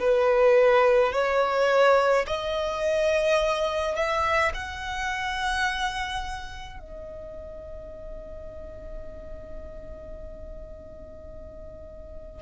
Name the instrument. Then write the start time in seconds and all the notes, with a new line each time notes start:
violin
0.00 B4
1.13 C#5
2.27 D#5
3.96 E5
4.54 F#5
6.80 D#5